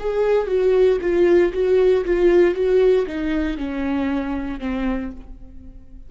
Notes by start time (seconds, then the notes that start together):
0.00 G#4
0.48 F#4
1.01 F4
1.53 F#4
2.05 F4
2.55 F#4
3.07 D#4
3.58 C#4
4.60 C4